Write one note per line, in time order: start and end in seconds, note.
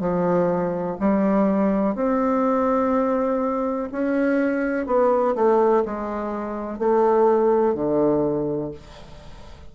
0.00 0.97 F3
1.00 1.95 G3
1.95 3.89 C4
3.92 4.87 C#4
4.87 5.35 B3
5.35 5.83 A3
5.85 6.79 G#3
6.79 7.74 A3
7.74 8.71 D3